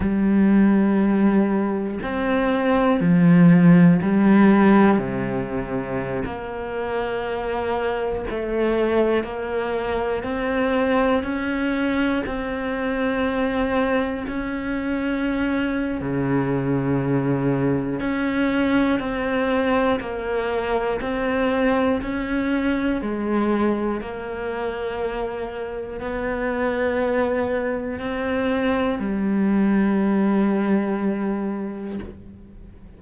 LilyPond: \new Staff \with { instrumentName = "cello" } { \time 4/4 \tempo 4 = 60 g2 c'4 f4 | g4 c4~ c16 ais4.~ ais16~ | ais16 a4 ais4 c'4 cis'8.~ | cis'16 c'2 cis'4.~ cis'16 |
cis2 cis'4 c'4 | ais4 c'4 cis'4 gis4 | ais2 b2 | c'4 g2. | }